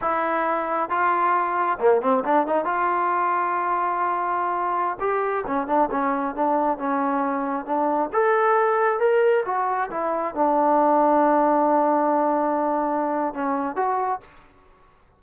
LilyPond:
\new Staff \with { instrumentName = "trombone" } { \time 4/4 \tempo 4 = 135 e'2 f'2 | ais8 c'8 d'8 dis'8 f'2~ | f'2.~ f'16 g'8.~ | g'16 cis'8 d'8 cis'4 d'4 cis'8.~ |
cis'4~ cis'16 d'4 a'4.~ a'16~ | a'16 ais'4 fis'4 e'4 d'8.~ | d'1~ | d'2 cis'4 fis'4 | }